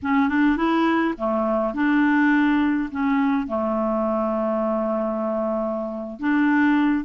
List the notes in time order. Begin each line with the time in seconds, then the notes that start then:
0.02 C#4
0.28 D4
0.56 E4
1.17 A3
1.74 D4
2.91 C#4
3.47 A3
6.19 D4